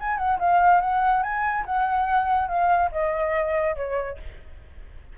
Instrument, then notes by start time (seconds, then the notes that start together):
flute
0.00 G#5
0.18 F#5
0.39 F5
0.81 F#5
1.23 G#5
1.66 F#5
2.48 F5
2.92 D#5
3.76 C#5